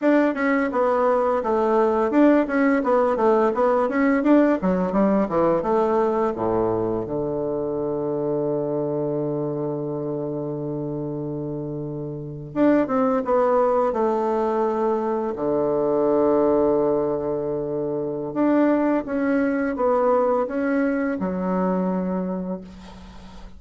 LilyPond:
\new Staff \with { instrumentName = "bassoon" } { \time 4/4 \tempo 4 = 85 d'8 cis'8 b4 a4 d'8 cis'8 | b8 a8 b8 cis'8 d'8 fis8 g8 e8 | a4 a,4 d2~ | d1~ |
d4.~ d16 d'8 c'8 b4 a16~ | a4.~ a16 d2~ d16~ | d2 d'4 cis'4 | b4 cis'4 fis2 | }